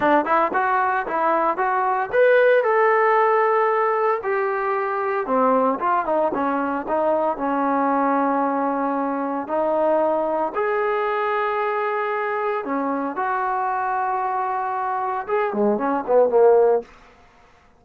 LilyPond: \new Staff \with { instrumentName = "trombone" } { \time 4/4 \tempo 4 = 114 d'8 e'8 fis'4 e'4 fis'4 | b'4 a'2. | g'2 c'4 f'8 dis'8 | cis'4 dis'4 cis'2~ |
cis'2 dis'2 | gis'1 | cis'4 fis'2.~ | fis'4 gis'8 gis8 cis'8 b8 ais4 | }